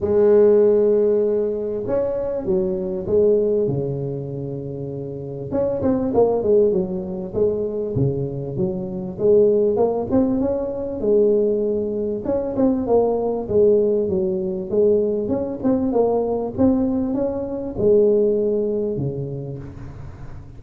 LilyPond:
\new Staff \with { instrumentName = "tuba" } { \time 4/4 \tempo 4 = 98 gis2. cis'4 | fis4 gis4 cis2~ | cis4 cis'8 c'8 ais8 gis8 fis4 | gis4 cis4 fis4 gis4 |
ais8 c'8 cis'4 gis2 | cis'8 c'8 ais4 gis4 fis4 | gis4 cis'8 c'8 ais4 c'4 | cis'4 gis2 cis4 | }